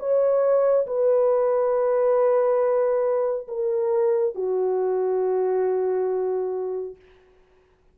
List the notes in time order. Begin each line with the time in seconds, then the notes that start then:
0.00 C#5
0.87 B4
3.49 A#4
4.36 F#4